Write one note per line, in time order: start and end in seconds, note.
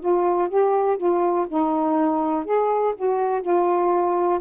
0.00 0.49 F4
0.49 0.97 G4
0.97 1.46 F4
1.48 2.45 D#4
2.45 2.94 G#4
2.96 3.42 F#4
3.42 4.40 F4